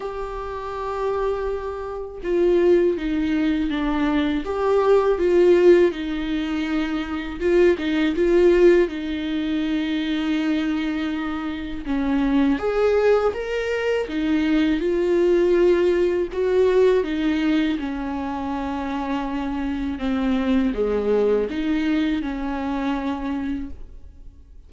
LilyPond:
\new Staff \with { instrumentName = "viola" } { \time 4/4 \tempo 4 = 81 g'2. f'4 | dis'4 d'4 g'4 f'4 | dis'2 f'8 dis'8 f'4 | dis'1 |
cis'4 gis'4 ais'4 dis'4 | f'2 fis'4 dis'4 | cis'2. c'4 | gis4 dis'4 cis'2 | }